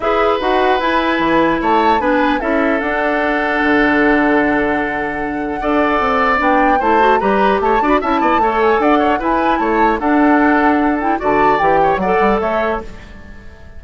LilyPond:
<<
  \new Staff \with { instrumentName = "flute" } { \time 4/4 \tempo 4 = 150 e''4 fis''4 gis''2 | a''4 gis''4 e''4 fis''4~ | fis''1~ | fis''1 |
g''4 a''4 ais''4 a''8. b''16 | a''4. gis''8 fis''4 gis''4 | a''4 fis''2~ fis''8 g''8 | a''4 g''4 fis''4 e''4 | }
  \new Staff \with { instrumentName = "oboe" } { \time 4/4 b'1 | cis''4 b'4 a'2~ | a'1~ | a'2 d''2~ |
d''4 c''4 b'4 cis''8 d''8 | e''8 d''8 cis''4 d''8 cis''8 b'4 | cis''4 a'2. | d''4. cis''8 d''4 cis''4 | }
  \new Staff \with { instrumentName = "clarinet" } { \time 4/4 gis'4 fis'4 e'2~ | e'4 d'4 e'4 d'4~ | d'1~ | d'2 a'2 |
d'4 e'8 fis'8 g'4. fis'8 | e'4 a'2 e'4~ | e'4 d'2~ d'8 e'8 | fis'4 g'4 a'2 | }
  \new Staff \with { instrumentName = "bassoon" } { \time 4/4 e'4 dis'4 e'4 e4 | a4 b4 cis'4 d'4~ | d'4 d2.~ | d2 d'4 c'4 |
b4 a4 g4 a8 d'8 | cis'8 b8 a4 d'4 e'4 | a4 d'2. | d4 e4 fis8 g8 a4 | }
>>